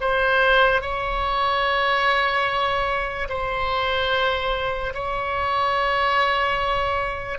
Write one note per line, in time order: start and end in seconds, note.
0.00 0.81 C5
0.81 3.28 C#5
3.28 4.93 C5
4.94 7.39 C#5